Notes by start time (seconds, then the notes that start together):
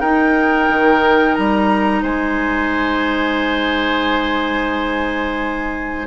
0.00 D#4 A#4 G5
0.70 D#3
1.35 G3 A#5
2.03 G#3 C5 G#5